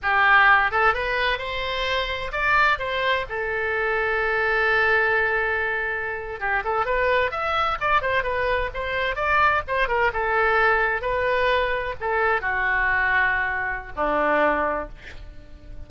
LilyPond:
\new Staff \with { instrumentName = "oboe" } { \time 4/4 \tempo 4 = 129 g'4. a'8 b'4 c''4~ | c''4 d''4 c''4 a'4~ | a'1~ | a'4.~ a'16 g'8 a'8 b'4 e''16~ |
e''8. d''8 c''8 b'4 c''4 d''16~ | d''8. c''8 ais'8 a'2 b'16~ | b'4.~ b'16 a'4 fis'4~ fis'16~ | fis'2 d'2 | }